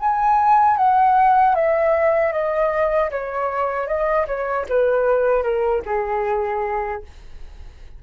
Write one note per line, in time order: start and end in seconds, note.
0.00 0.78 G#5
0.78 1.55 F#5
1.55 2.33 E5
2.33 3.11 D#5
3.11 3.88 C#5
3.88 4.27 D#5
4.27 4.66 C#5
4.70 5.43 B4
5.43 5.82 A#4
5.86 7.03 G#4